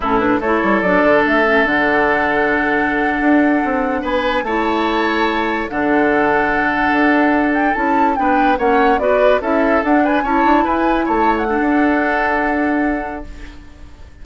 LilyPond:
<<
  \new Staff \with { instrumentName = "flute" } { \time 4/4 \tempo 4 = 145 a'8 b'8 cis''4 d''4 e''4 | fis''1~ | fis''4.~ fis''16 gis''4 a''4~ a''16~ | a''4.~ a''16 fis''2~ fis''16~ |
fis''2~ fis''16 g''8 a''4 g''16~ | g''8. fis''4 d''4 e''4 fis''16~ | fis''16 gis''8 a''4 gis''4 a''8. fis''8~ | fis''1 | }
  \new Staff \with { instrumentName = "oboe" } { \time 4/4 e'4 a'2.~ | a'1~ | a'4.~ a'16 b'4 cis''4~ cis''16~ | cis''4.~ cis''16 a'2~ a'16~ |
a'2.~ a'8. b'16~ | b'8. cis''4 b'4 a'4~ a'16~ | a'16 b'8 cis''4 b'4 cis''4 a'16~ | a'1 | }
  \new Staff \with { instrumentName = "clarinet" } { \time 4/4 cis'8 d'8 e'4 d'4. cis'8 | d'1~ | d'2~ d'8. e'4~ e'16~ | e'4.~ e'16 d'2~ d'16~ |
d'2~ d'8. e'4 d'16~ | d'8. cis'4 fis'4 e'4 d'16~ | d'8. e'2. d'16~ | d'1 | }
  \new Staff \with { instrumentName = "bassoon" } { \time 4/4 a,4 a8 g8 fis8 d8 a4 | d2.~ d8. d'16~ | d'8. c'4 b4 a4~ a16~ | a4.~ a16 d2~ d16~ |
d8. d'2 cis'4 b16~ | b8. ais4 b4 cis'4 d'16~ | d'8. cis'8 d'8 e'4 a4~ a16 | d'1 | }
>>